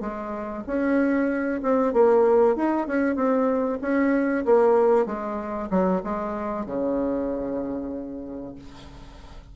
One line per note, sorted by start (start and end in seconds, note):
0.00 0.63 G#3
0.66 1.61 C#4
1.62 1.93 C4
1.93 2.56 A#3
2.56 2.87 D#4
2.87 3.16 C#4
3.16 3.79 C4
3.82 4.45 C#4
4.45 5.06 A#3
5.06 5.69 G#3
5.70 6.02 F#3
6.03 6.66 G#3
6.66 8.55 C#3